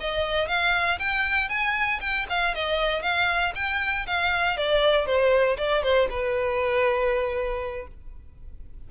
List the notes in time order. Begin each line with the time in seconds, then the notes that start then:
0.00 D#5
0.48 F5
0.99 G5
1.49 G#5
2.01 G5
2.29 F5
2.55 D#5
3.02 F5
3.55 G5
4.07 F5
4.57 D5
5.06 C5
5.57 D5
5.83 C5
6.10 B4